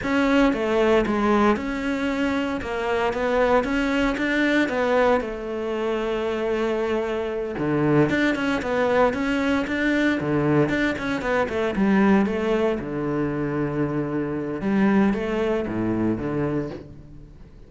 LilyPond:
\new Staff \with { instrumentName = "cello" } { \time 4/4 \tempo 4 = 115 cis'4 a4 gis4 cis'4~ | cis'4 ais4 b4 cis'4 | d'4 b4 a2~ | a2~ a8 d4 d'8 |
cis'8 b4 cis'4 d'4 d8~ | d8 d'8 cis'8 b8 a8 g4 a8~ | a8 d2.~ d8 | g4 a4 a,4 d4 | }